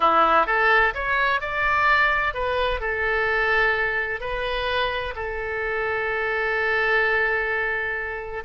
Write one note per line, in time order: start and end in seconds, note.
0.00 0.46 E4
0.46 0.93 A4
0.94 1.40 C#5
1.40 2.34 D5
2.34 2.80 B4
2.80 4.20 A4
4.20 5.14 B4
5.15 8.43 A4